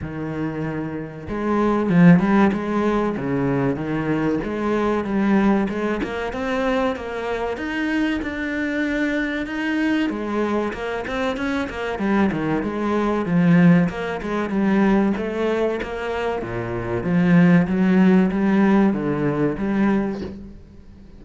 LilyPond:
\new Staff \with { instrumentName = "cello" } { \time 4/4 \tempo 4 = 95 dis2 gis4 f8 g8 | gis4 cis4 dis4 gis4 | g4 gis8 ais8 c'4 ais4 | dis'4 d'2 dis'4 |
gis4 ais8 c'8 cis'8 ais8 g8 dis8 | gis4 f4 ais8 gis8 g4 | a4 ais4 ais,4 f4 | fis4 g4 d4 g4 | }